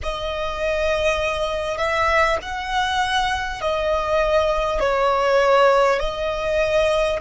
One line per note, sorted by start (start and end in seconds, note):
0.02 1.77 D#5
1.77 2.37 E5
2.42 3.61 F#5
3.61 4.80 D#5
4.80 5.99 C#5
5.99 7.19 D#5